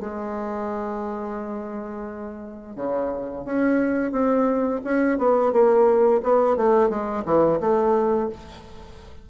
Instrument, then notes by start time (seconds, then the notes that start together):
bassoon
0.00 G#3
2.76 C#3
3.45 C#4
4.12 C4
4.84 C#4
5.18 B3
5.53 A#3
6.23 B3
6.57 A3
6.90 G#3
7.25 E3
7.61 A3